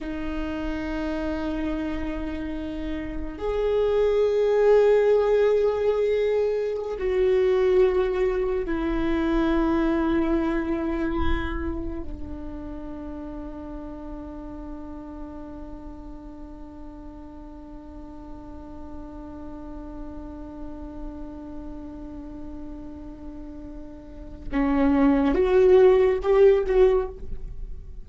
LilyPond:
\new Staff \with { instrumentName = "viola" } { \time 4/4 \tempo 4 = 71 dis'1 | gis'1~ | gis'16 fis'2 e'4.~ e'16~ | e'2~ e'16 d'4.~ d'16~ |
d'1~ | d'1~ | d'1~ | d'4 cis'4 fis'4 g'8 fis'8 | }